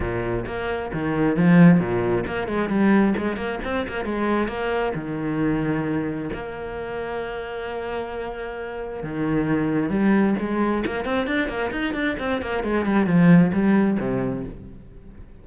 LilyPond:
\new Staff \with { instrumentName = "cello" } { \time 4/4 \tempo 4 = 133 ais,4 ais4 dis4 f4 | ais,4 ais8 gis8 g4 gis8 ais8 | c'8 ais8 gis4 ais4 dis4~ | dis2 ais2~ |
ais1 | dis2 g4 gis4 | ais8 c'8 d'8 ais8 dis'8 d'8 c'8 ais8 | gis8 g8 f4 g4 c4 | }